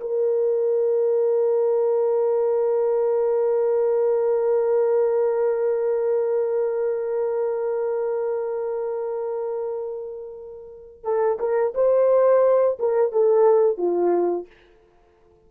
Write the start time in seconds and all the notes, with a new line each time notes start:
0.00 A#4
11.03 A4
11.39 A#4
11.74 C5
12.79 A#4
13.12 A4
13.77 F4